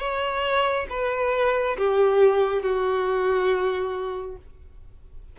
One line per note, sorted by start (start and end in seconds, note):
0.00 0.87 C#5
0.90 1.77 B4
1.78 2.63 G4
2.63 4.37 F#4